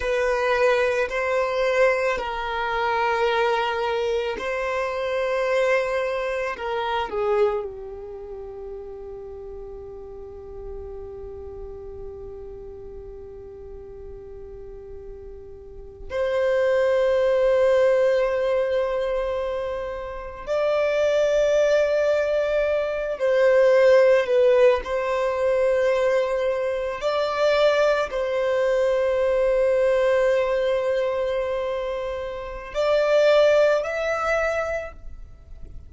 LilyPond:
\new Staff \with { instrumentName = "violin" } { \time 4/4 \tempo 4 = 55 b'4 c''4 ais'2 | c''2 ais'8 gis'8 g'4~ | g'1~ | g'2~ g'8. c''4~ c''16~ |
c''2~ c''8. d''4~ d''16~ | d''4~ d''16 c''4 b'8 c''4~ c''16~ | c''8. d''4 c''2~ c''16~ | c''2 d''4 e''4 | }